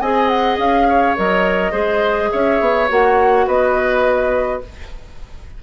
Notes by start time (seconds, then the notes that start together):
0.00 C4 G#4 D#5 G#5
0.28 F#5
0.57 C#4 F5
0.88 C#5
1.16 F#3 A#4 D#5
1.71 G#3 G#4 C5
2.31 C#4 C#5 E5
2.60 B3
2.88 A#3 F#4 F#5
3.46 B3 B4 D#5